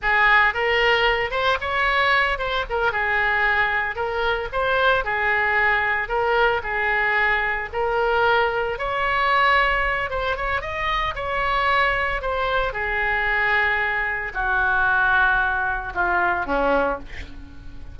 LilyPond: \new Staff \with { instrumentName = "oboe" } { \time 4/4 \tempo 4 = 113 gis'4 ais'4. c''8 cis''4~ | cis''8 c''8 ais'8 gis'2 ais'8~ | ais'8 c''4 gis'2 ais'8~ | ais'8 gis'2 ais'4.~ |
ais'8 cis''2~ cis''8 c''8 cis''8 | dis''4 cis''2 c''4 | gis'2. fis'4~ | fis'2 f'4 cis'4 | }